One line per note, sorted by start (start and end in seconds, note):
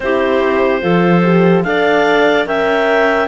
0.00 0.82 C4
0.00 0.81 E4
0.00 0.82 G4
0.00 1.63 C5
0.81 1.64 F3
0.81 1.22 F4
0.81 1.64 A4
1.23 1.64 G4
1.63 2.45 D4
1.63 2.46 A4
1.63 2.47 D5
1.63 2.45 F5
2.45 3.27 C#4
2.45 3.27 A#4
2.45 3.27 E5
2.45 3.27 G5